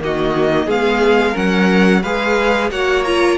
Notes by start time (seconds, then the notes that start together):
0.00 D#3 A#3 F#4 D#5
0.66 G#3 B3 G#4 F5
1.31 F#3 C#4 A#4 F#5
2.02 G#3 G#4 B4 F5
2.70 A#3 F#4 C#5 F#5
3.03 F4 A#5